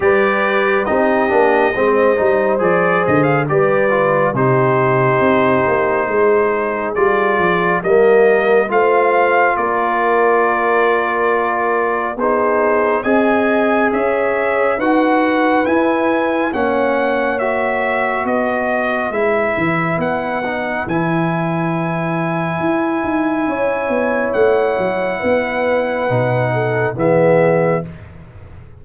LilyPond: <<
  \new Staff \with { instrumentName = "trumpet" } { \time 4/4 \tempo 4 = 69 d''4 dis''2 d''8 dis''16 f''16 | d''4 c''2. | d''4 dis''4 f''4 d''4~ | d''2 c''4 gis''4 |
e''4 fis''4 gis''4 fis''4 | e''4 dis''4 e''4 fis''4 | gis''1 | fis''2. e''4 | }
  \new Staff \with { instrumentName = "horn" } { \time 4/4 b'4 g'4 c''2 | b'4 g'2 gis'4~ | gis'4 ais'4 c''4 ais'4~ | ais'2 gis'4 dis''4 |
cis''4 b'2 cis''4~ | cis''4 b'2.~ | b'2. cis''4~ | cis''4 b'4. a'8 gis'4 | }
  \new Staff \with { instrumentName = "trombone" } { \time 4/4 g'4 dis'8 d'8 c'8 dis'8 gis'4 | g'8 f'8 dis'2. | f'4 ais4 f'2~ | f'2 dis'4 gis'4~ |
gis'4 fis'4 e'4 cis'4 | fis'2 e'4. dis'8 | e'1~ | e'2 dis'4 b4 | }
  \new Staff \with { instrumentName = "tuba" } { \time 4/4 g4 c'8 ais8 gis8 g8 f8 d8 | g4 c4 c'8 ais8 gis4 | g8 f8 g4 a4 ais4~ | ais2 b4 c'4 |
cis'4 dis'4 e'4 ais4~ | ais4 b4 gis8 e8 b4 | e2 e'8 dis'8 cis'8 b8 | a8 fis8 b4 b,4 e4 | }
>>